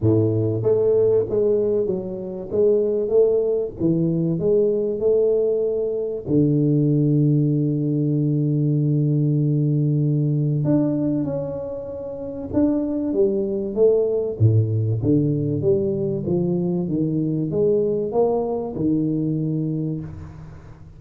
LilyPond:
\new Staff \with { instrumentName = "tuba" } { \time 4/4 \tempo 4 = 96 a,4 a4 gis4 fis4 | gis4 a4 e4 gis4 | a2 d2~ | d1~ |
d4 d'4 cis'2 | d'4 g4 a4 a,4 | d4 g4 f4 dis4 | gis4 ais4 dis2 | }